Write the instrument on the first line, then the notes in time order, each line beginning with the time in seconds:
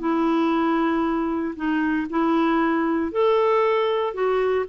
clarinet
0.00 E4
1.56 D#4
2.10 E4
3.12 A4
4.14 F#4